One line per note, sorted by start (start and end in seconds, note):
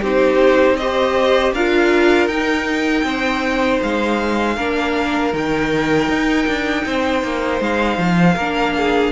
0.00 1.53 C4
0.00 0.79 D#4
0.00 0.76 G4
0.00 0.77 C5
0.77 1.56 G4
0.77 1.53 C5
0.77 1.53 D#5
1.53 2.27 D4
1.53 2.30 F4
1.53 3.05 A#4
1.53 2.28 F5
2.27 3.03 D#4
2.27 4.57 D#4
2.27 3.80 G5
3.04 3.80 C4
3.04 4.56 C5
3.83 4.57 G#3
3.83 5.34 F5
4.56 5.33 A#3
4.56 5.33 D4
4.56 6.84 A#4
5.33 6.09 D#3
5.33 8.36 D#4
5.33 7.63 G5
6.09 6.47 D#4
6.47 6.85 D4
6.86 7.23 C4
6.86 8.35 C5
7.23 7.61 A#3
7.61 7.98 G#3
7.61 9.12 F5
7.98 8.36 F3
8.35 9.12 A#3
8.35 9.12 D4
8.35 8.73 A#4
8.77 9.12 G#4